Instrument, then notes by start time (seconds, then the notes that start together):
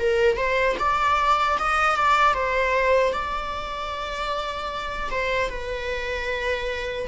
viola
0.00 A#4
0.37 C5
0.79 D5
1.59 D#5
1.97 D5
2.34 C5
3.13 D5
5.11 C5
5.50 B4